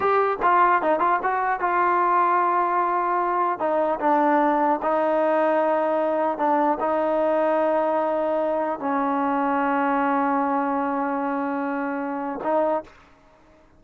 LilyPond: \new Staff \with { instrumentName = "trombone" } { \time 4/4 \tempo 4 = 150 g'4 f'4 dis'8 f'8 fis'4 | f'1~ | f'4 dis'4 d'2 | dis'1 |
d'4 dis'2.~ | dis'2 cis'2~ | cis'1~ | cis'2. dis'4 | }